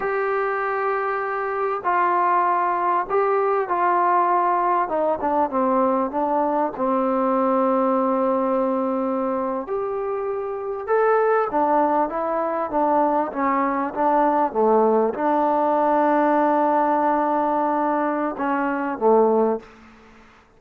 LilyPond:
\new Staff \with { instrumentName = "trombone" } { \time 4/4 \tempo 4 = 98 g'2. f'4~ | f'4 g'4 f'2 | dis'8 d'8 c'4 d'4 c'4~ | c'2.~ c'8. g'16~ |
g'4.~ g'16 a'4 d'4 e'16~ | e'8. d'4 cis'4 d'4 a16~ | a8. d'2.~ d'16~ | d'2 cis'4 a4 | }